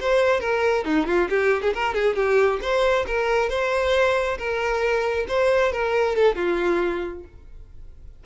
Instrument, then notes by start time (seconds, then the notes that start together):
violin
0.00 C5
0.40 A#4
0.84 D#4
1.06 F4
1.29 G4
1.62 G#4
1.73 A#4
1.94 G#4
2.16 G4
2.61 C5
3.07 A#4
3.49 C5
4.38 A#4
5.28 C5
5.72 A#4
6.16 A4
6.35 F4